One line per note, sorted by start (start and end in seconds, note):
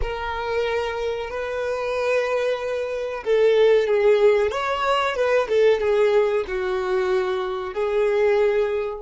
0.01 1.30 A#4
1.30 3.23 B4
3.23 3.87 A4
3.87 4.51 G#4
4.51 5.15 C#5
5.15 5.48 B4
5.48 5.80 A4
5.80 6.44 G#4
6.47 7.74 F#4
7.74 9.01 G#4